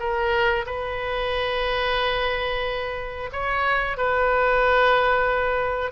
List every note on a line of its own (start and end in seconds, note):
0.00 0.66 A#4
0.67 3.30 B4
3.33 3.97 C#5
3.97 5.92 B4